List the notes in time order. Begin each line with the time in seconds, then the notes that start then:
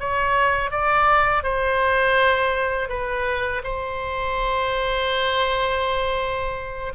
0.00 C#5
0.72 D5
1.44 C5
2.89 B4
3.64 C5